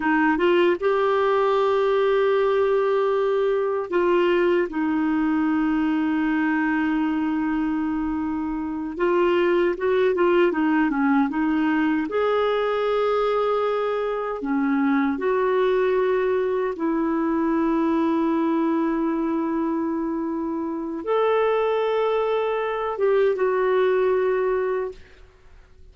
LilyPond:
\new Staff \with { instrumentName = "clarinet" } { \time 4/4 \tempo 4 = 77 dis'8 f'8 g'2.~ | g'4 f'4 dis'2~ | dis'2.~ dis'8 f'8~ | f'8 fis'8 f'8 dis'8 cis'8 dis'4 gis'8~ |
gis'2~ gis'8 cis'4 fis'8~ | fis'4. e'2~ e'8~ | e'2. a'4~ | a'4. g'8 fis'2 | }